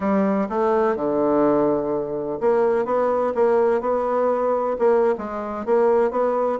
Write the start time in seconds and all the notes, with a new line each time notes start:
0.00 G3
0.49 A3
0.95 D3
2.40 A#3
2.85 B3
3.34 A#3
3.81 B3
4.78 A#3
5.17 G#3
5.65 A#3
6.10 B3